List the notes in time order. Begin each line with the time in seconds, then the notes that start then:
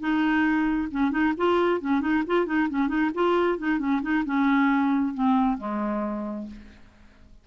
0.00 D#4
0.91 C#4
1.11 D#4
1.37 F4
1.81 C#4
2.01 D#4
2.27 F4
2.46 D#4
2.70 C#4
2.88 D#4
3.15 F4
3.58 D#4
3.79 C#4
4.02 D#4
4.25 C#4
5.14 C4
5.58 G#3